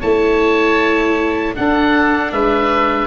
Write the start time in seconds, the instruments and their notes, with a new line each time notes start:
0.00 tuba A3, viola E4, oboe C#5 A5
1.55 viola D4, tuba D4, oboe A4 F#5
2.32 tuba G#3, oboe B4 E5